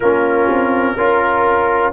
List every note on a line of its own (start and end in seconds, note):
0.00 0.49 A#3
0.00 0.98 C#4
0.00 0.95 F4
0.00 1.93 A#4
0.49 0.96 C4
0.96 1.93 C#4
0.96 1.93 F4
0.96 1.92 A#4